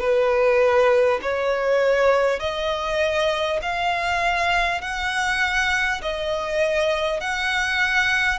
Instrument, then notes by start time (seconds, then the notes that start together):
violin
0.00 B4
1.22 C#5
2.40 D#5
3.62 F5
4.81 F#5
6.02 D#5
7.21 F#5